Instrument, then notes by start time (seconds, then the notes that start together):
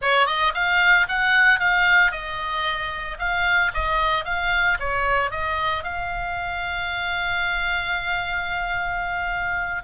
oboe
0.01 C#5
0.26 D#5
0.54 F5
1.08 F#5
1.59 F5
2.11 D#5
3.18 F5
3.73 D#5
4.25 F5
4.79 C#5
5.30 D#5
5.83 F5